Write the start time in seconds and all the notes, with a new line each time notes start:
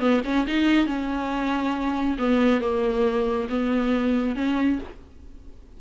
0.00 B3
0.25 C#4
0.47 D#4
0.87 C#4
2.19 B3
2.61 A#3
3.50 B3
4.36 C#4